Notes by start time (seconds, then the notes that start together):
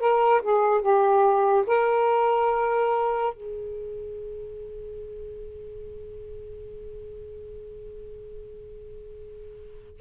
0.00 A#4
0.42 G#4
0.81 G4
1.67 A#4
3.34 G#4